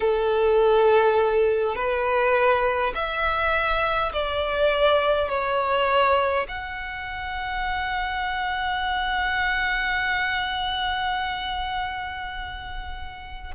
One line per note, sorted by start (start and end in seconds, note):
0.00 1.75 A4
1.75 2.93 B4
2.94 4.12 E5
4.12 5.29 D5
5.29 6.46 C#5
6.48 13.54 F#5